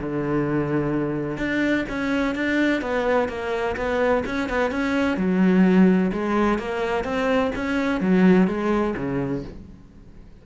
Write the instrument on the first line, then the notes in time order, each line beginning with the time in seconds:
cello
0.00 D3
1.38 D4
1.89 C#4
2.35 D4
2.82 B3
3.29 A#3
3.77 B3
4.26 C#4
4.49 B3
4.71 C#4
5.17 F#3
6.13 G#3
6.59 A#3
7.05 C4
7.56 C#4
8.01 F#3
8.48 G#3
8.97 C#3